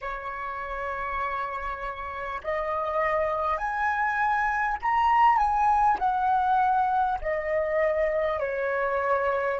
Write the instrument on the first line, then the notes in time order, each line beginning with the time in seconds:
flute
0.01 C#5
2.43 D#5
3.57 G#5
4.82 A#5
5.37 G#5
5.98 F#5
7.21 D#5
8.39 C#5